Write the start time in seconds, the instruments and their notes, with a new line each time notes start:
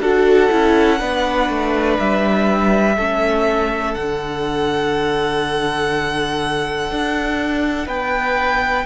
0.00 cello D4, viola F#4, violin A4 F#5
0.50 cello C#4, viola E4
0.99 cello B3, viola D4, violin B4
1.50 cello A3
1.99 cello G3, violin E5
2.97 cello A3, viola C#4, violin A4
3.94 cello D3, viola D4, violin F#5
6.91 cello D4
7.87 cello B3, violin B4 G5